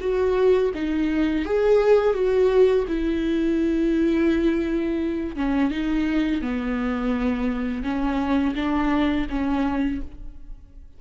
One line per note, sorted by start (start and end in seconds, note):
0.00 0.71 F#4
0.74 1.45 D#4
1.45 2.14 G#4
2.14 2.85 F#4
2.87 5.36 E4
5.36 5.70 C#4
5.70 6.41 D#4
6.41 7.83 B3
7.83 8.55 C#4
8.55 9.27 D4
9.30 10.01 C#4